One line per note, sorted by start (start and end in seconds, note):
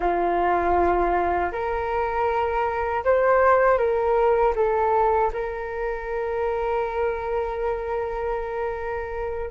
0.00 1.51 F4
1.52 3.04 A#4
3.04 3.78 C5
3.78 4.54 A#4
4.55 5.31 A4
5.32 9.50 A#4